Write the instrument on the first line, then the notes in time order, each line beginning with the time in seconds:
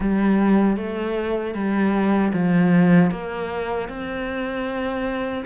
cello
0.00 G3
0.76 A3
1.54 G3
2.33 F3
3.10 A#3
3.88 C4